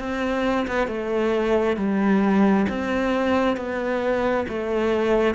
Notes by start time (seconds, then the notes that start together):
0.00 C4
0.68 B3
0.88 A3
1.77 G3
2.69 C4
3.57 B3
4.49 A3